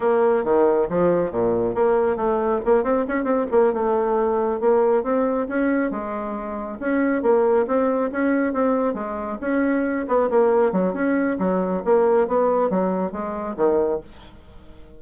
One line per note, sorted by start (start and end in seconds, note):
0.00 0.44 A#3
0.44 0.87 D#3
0.89 1.31 F3
1.31 1.74 A#2
1.74 2.16 A#3
2.16 2.60 A3
2.65 2.83 A#3
2.83 3.05 C4
3.08 3.23 C#4
3.23 3.45 C4
3.51 3.73 A#3
3.73 4.60 A3
4.60 5.03 A#3
5.03 5.47 C4
5.48 5.90 C#4
5.90 6.78 G#3
6.79 7.22 C#4
7.22 7.66 A#3
7.67 8.11 C4
8.11 8.53 C#4
8.53 8.94 C4
8.94 9.37 G#3
9.40 10.06 C#4
10.07 10.29 B3
10.30 10.72 A#3
10.72 10.93 F#3
10.93 11.37 C#4
11.38 11.82 F#3
11.84 12.27 A#3
12.27 12.69 B3
12.69 13.11 F#3
13.11 13.55 G#3
13.56 14.00 D#3